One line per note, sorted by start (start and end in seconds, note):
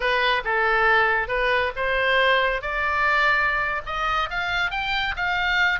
0.00 0.42 B4
0.44 1.28 A4
1.28 1.71 B4
1.76 2.61 C5
2.61 3.82 D5
3.85 4.29 D#5
4.30 4.71 F5
4.71 5.14 G5
5.16 5.79 F5